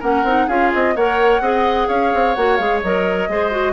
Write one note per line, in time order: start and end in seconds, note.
0.00 0.24 A#3
0.00 0.25 C#4
0.00 0.47 A#4
0.00 0.49 F#5
0.24 0.47 C4
0.24 0.49 D#4
0.47 0.72 C#4
0.47 0.96 F4
0.47 0.94 G#4
0.47 0.72 F5
0.73 0.96 C4
0.73 0.97 D#5
0.96 1.40 A#3
0.96 1.43 A#4
0.96 1.42 C#5
0.96 1.88 F#5
1.40 1.87 C4
1.40 2.36 G#4
1.40 1.88 D#5
1.88 2.13 C#4
1.88 3.29 C#5
1.88 2.35 F5
2.14 2.37 C4
2.35 2.59 A#3
2.35 2.59 F#4
2.35 2.57 F#5
2.57 2.83 G#3
2.57 2.83 G#4
2.57 2.80 F5
2.82 3.29 F#3
2.82 3.30 A#4
2.82 3.73 D#5
3.29 3.73 G#3
3.29 3.51 G#4
3.29 3.73 C5
3.51 3.73 F#4